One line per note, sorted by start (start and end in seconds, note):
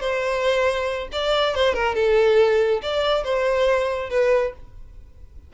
0.00 1.08 C5
1.12 1.55 D5
1.55 1.74 C5
1.74 1.95 A#4
1.95 2.81 A4
2.82 3.23 D5
3.23 4.09 C5
4.09 4.52 B4